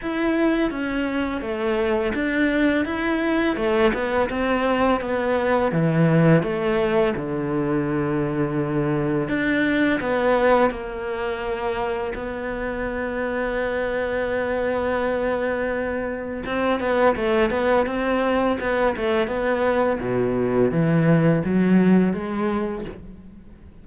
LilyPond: \new Staff \with { instrumentName = "cello" } { \time 4/4 \tempo 4 = 84 e'4 cis'4 a4 d'4 | e'4 a8 b8 c'4 b4 | e4 a4 d2~ | d4 d'4 b4 ais4~ |
ais4 b2.~ | b2. c'8 b8 | a8 b8 c'4 b8 a8 b4 | b,4 e4 fis4 gis4 | }